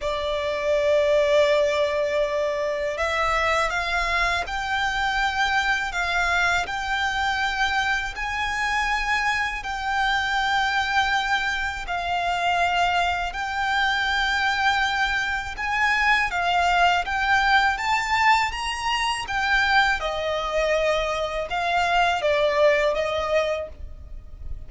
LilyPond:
\new Staff \with { instrumentName = "violin" } { \time 4/4 \tempo 4 = 81 d''1 | e''4 f''4 g''2 | f''4 g''2 gis''4~ | gis''4 g''2. |
f''2 g''2~ | g''4 gis''4 f''4 g''4 | a''4 ais''4 g''4 dis''4~ | dis''4 f''4 d''4 dis''4 | }